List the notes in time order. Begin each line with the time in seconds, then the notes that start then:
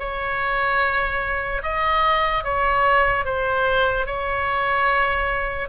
0.00 C#5
1.63 D#5
2.44 C#5
3.25 C5
4.07 C#5